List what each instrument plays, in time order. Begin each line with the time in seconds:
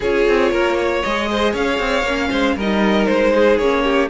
0.00 cello C#4, viola F4, violin G#4 C#5
0.28 cello C4
0.51 cello A#3, violin A#4
0.77 violin C#5
1.02 cello G#3, viola G#4, violin D#5
1.31 violin C5
1.51 cello C#4, violin C#5 F5
1.79 cello C4
2.02 cello A#3, viola C#4
2.30 cello G#3, violin C5
2.56 cello G3, viola D#4, violin A#4 D#5
3.06 cello G#3, violin C5
3.33 violin G#4
3.57 cello A#3, viola C#4, violin C#5
3.83 violin G4